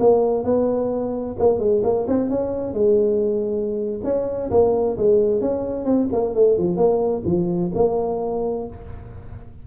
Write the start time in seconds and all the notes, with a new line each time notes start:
0.00 A#3
0.44 B3
1.40 A#3
1.59 G#3
1.84 A#3
2.08 C4
2.30 C#4
2.74 G#3
4.04 C#4
4.51 A#3
4.98 G#3
5.41 C#4
5.86 C4
6.13 A#3
6.35 A3
6.58 F3
6.77 A#3
7.26 F3
7.75 A#3